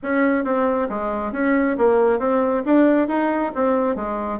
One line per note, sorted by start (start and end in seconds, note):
0.02 0.44 C#4
0.44 0.88 C4
0.89 1.32 G#3
1.32 1.76 C#4
1.77 2.19 A#3
2.19 2.63 C4
2.65 3.07 D4
3.07 3.52 D#4
3.54 3.95 C4
3.95 4.39 G#3